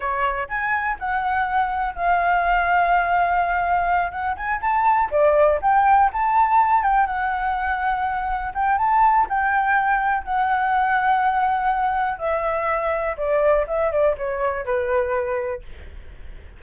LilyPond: \new Staff \with { instrumentName = "flute" } { \time 4/4 \tempo 4 = 123 cis''4 gis''4 fis''2 | f''1~ | f''8 fis''8 gis''8 a''4 d''4 g''8~ | g''8 a''4. g''8 fis''4.~ |
fis''4. g''8 a''4 g''4~ | g''4 fis''2.~ | fis''4 e''2 d''4 | e''8 d''8 cis''4 b'2 | }